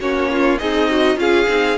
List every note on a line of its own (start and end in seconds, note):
0.00 0.59 A#3
0.00 0.60 C#4
0.00 0.31 F#4
0.00 0.59 C#5
0.31 0.61 F4
0.59 1.17 C4
0.59 1.21 D#4
0.59 0.90 G#4
0.59 1.18 D#5
0.90 1.17 F#4
1.17 1.47 C#4
1.17 1.47 F4
1.17 1.79 G#4
1.17 1.79 F5
1.48 1.78 C4
1.48 1.78 D#4